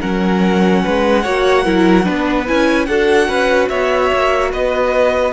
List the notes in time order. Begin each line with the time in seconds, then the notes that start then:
0.00 F#3 C#4 A#4 F#5
0.83 G#3 B4
1.23 A#3 F#4 C#5
1.64 F#3 E4 A#4
2.04 B3 D4 B4
2.47 C#4 E4 G#5
2.86 D4 F#4 A4 F#5
3.28 C#4 B4
3.69 B3 C#5 E5
4.13 A#3
4.52 B3 B4 D#5